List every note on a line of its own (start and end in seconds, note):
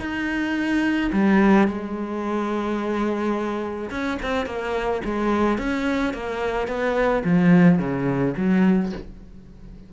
0.00 1.11 D#4
1.13 1.68 G3
1.68 3.90 G#3
3.90 4.18 C#4
4.23 4.46 C4
4.46 5.02 A#3
5.05 5.58 G#3
5.58 6.14 C#4
6.14 6.68 A#3
6.68 7.23 B3
7.24 7.79 F3
7.79 8.34 C#3
8.37 8.93 F#3